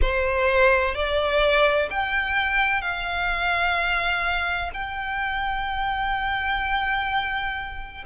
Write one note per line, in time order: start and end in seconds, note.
0.01 0.94 C5
0.94 1.89 D5
1.90 2.81 G5
2.81 4.70 F5
4.73 8.04 G5